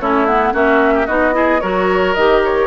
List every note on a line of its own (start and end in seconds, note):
0.00 0.54 A3
0.00 0.28 C#4
0.00 0.54 E4
0.00 0.27 C#5
0.27 0.53 B3
0.27 0.54 F#5
0.53 1.08 A#3
0.53 1.07 C#4
0.53 0.94 F#4
0.53 1.07 E5
0.94 1.07 G4
1.07 1.62 B3
1.07 1.33 D#4
1.07 1.34 F#4
1.07 1.61 D#5
1.33 1.60 E4
1.33 1.62 G#4
1.61 2.16 F#3
1.61 2.17 F#4
1.61 2.68 A#4
1.61 2.15 C#5
2.15 2.68 D#3
2.15 2.68 G4
2.15 2.42 D#5
2.45 2.68 C#5